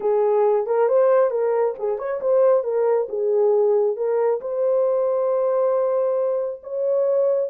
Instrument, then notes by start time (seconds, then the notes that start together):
horn
0.00 G#4
0.66 A#4
0.88 C5
1.30 A#4
1.78 G#4
1.98 C#5
2.21 C5
2.63 A#4
3.08 G#4
3.96 A#4
4.40 C5
6.63 C#5